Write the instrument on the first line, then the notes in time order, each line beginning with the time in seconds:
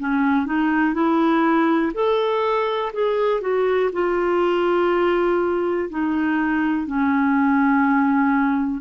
clarinet
0.00 C#4
0.46 D#4
0.94 E4
1.94 A4
2.93 G#4
3.41 F#4
3.93 F4
5.90 D#4
6.87 C#4